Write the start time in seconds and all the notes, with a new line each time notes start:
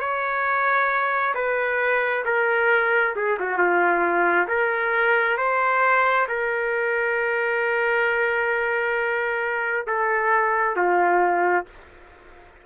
0.00 C#5
1.35 B4
2.26 A#4
3.16 G#4
3.40 F#4
3.58 F4
4.48 A#4
5.38 C5
6.28 A#4
9.87 A4
10.76 F4